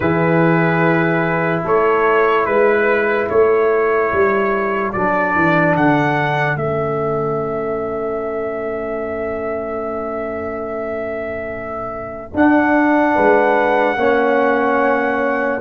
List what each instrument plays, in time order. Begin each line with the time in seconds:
0.00 tuba E3, trombone E4, horn G#4, trumpet B4
1.64 tuba A3, horn A4, trumpet C#5
2.45 tuba G#3, trumpet B4, horn B4
3.28 tuba A3, horn A4, trumpet C#5
4.12 tuba G3
4.92 tuba F#3, trombone D4, trumpet D5
5.35 tuba E3
5.76 tuba D3, trumpet F#5
6.56 tuba A3, trombone C#4, trumpet E5
12.34 tuba D4, trombone D4, trumpet F#5
13.14 tuba G#3, horn B4
13.96 tuba A#3, trombone C#4, horn C#5